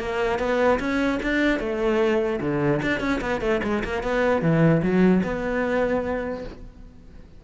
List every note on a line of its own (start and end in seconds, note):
0.00 0.39 A#3
0.39 0.80 B3
0.80 1.20 C#4
1.23 1.60 D4
1.60 2.40 A3
2.41 2.82 D3
2.83 3.01 D4
3.01 3.21 C#4
3.21 3.42 B3
3.42 3.62 A3
3.64 3.84 G#3
3.85 4.03 A#3
4.03 4.42 B3
4.42 4.82 E3
4.83 5.23 F#3
5.24 6.45 B3